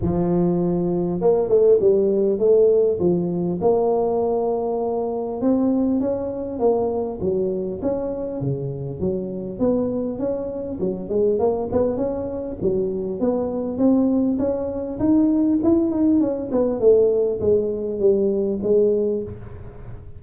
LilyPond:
\new Staff \with { instrumentName = "tuba" } { \time 4/4 \tempo 4 = 100 f2 ais8 a8 g4 | a4 f4 ais2~ | ais4 c'4 cis'4 ais4 | fis4 cis'4 cis4 fis4 |
b4 cis'4 fis8 gis8 ais8 b8 | cis'4 fis4 b4 c'4 | cis'4 dis'4 e'8 dis'8 cis'8 b8 | a4 gis4 g4 gis4 | }